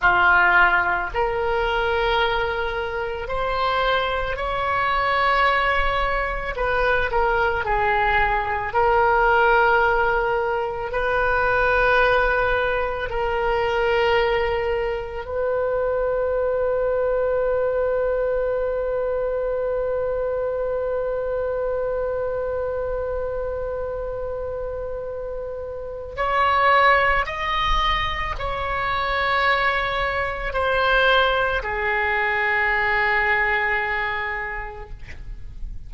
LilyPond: \new Staff \with { instrumentName = "oboe" } { \time 4/4 \tempo 4 = 55 f'4 ais'2 c''4 | cis''2 b'8 ais'8 gis'4 | ais'2 b'2 | ais'2 b'2~ |
b'1~ | b'1 | cis''4 dis''4 cis''2 | c''4 gis'2. | }